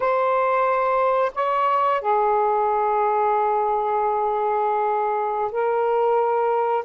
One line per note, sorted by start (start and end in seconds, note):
0.00 1.32 C5
1.34 2.01 C#5
2.01 5.51 G#4
5.51 6.85 A#4